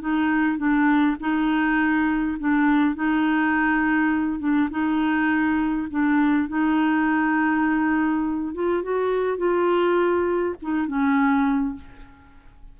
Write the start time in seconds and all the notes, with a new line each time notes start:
0.00 D#4
0.57 D4
1.20 D#4
2.39 D4
2.95 D#4
4.39 D4
4.70 D#4
5.90 D4
6.48 D#4
8.54 F4
8.82 F#4
9.37 F4
10.62 D#4
10.87 C#4